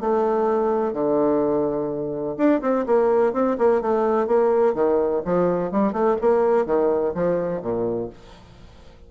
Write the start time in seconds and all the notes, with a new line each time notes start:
0.00 A3
0.93 D3
2.37 D4
2.61 C4
2.86 A#3
3.33 C4
3.58 A#3
3.81 A3
4.27 A#3
4.74 D#3
5.25 F3
5.71 G3
5.92 A3
6.21 A#3
6.65 D#3
7.14 F3
7.61 A#2